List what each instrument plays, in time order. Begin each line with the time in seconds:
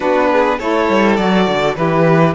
0.00 cello B3, saxophone D4, violin F#4 B4
0.31 violin G#4
0.58 cello A3, saxophone E4, violin A4 C#5
0.89 cello G3
1.16 cello F#3, saxophone F#4, violin D5
1.47 cello D3
1.75 cello E3, saxophone E4, violin G4 B4